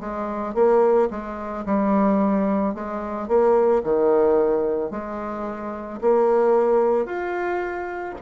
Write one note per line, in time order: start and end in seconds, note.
0.00 0.54 G#3
0.54 1.09 A#3
1.10 1.65 G#3
1.66 2.74 G3
2.74 3.28 G#3
3.28 3.82 A#3
3.83 4.90 D#3
4.90 6.00 G#3
6.01 7.06 A#3
7.06 8.15 F4